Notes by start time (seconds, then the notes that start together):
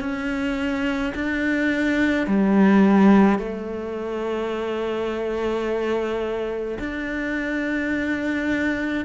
0.00 C#4
1.15 D4
2.27 G3
3.39 A3
6.79 D4